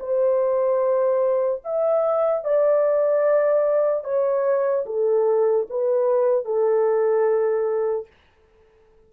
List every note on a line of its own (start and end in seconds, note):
0.00 1.62 C5
1.64 2.44 E5
2.44 4.04 D5
4.04 4.85 C#5
4.86 5.67 A4
5.70 6.45 B4
6.45 8.07 A4